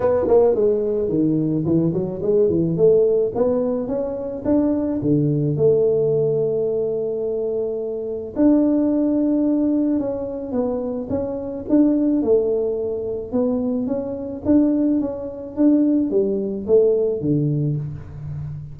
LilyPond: \new Staff \with { instrumentName = "tuba" } { \time 4/4 \tempo 4 = 108 b8 ais8 gis4 dis4 e8 fis8 | gis8 e8 a4 b4 cis'4 | d'4 d4 a2~ | a2. d'4~ |
d'2 cis'4 b4 | cis'4 d'4 a2 | b4 cis'4 d'4 cis'4 | d'4 g4 a4 d4 | }